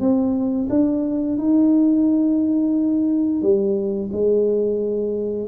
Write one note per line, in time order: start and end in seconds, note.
0.00 0.68 C4
0.70 1.38 D4
1.38 3.42 D#4
3.42 4.10 G3
4.12 5.48 G#3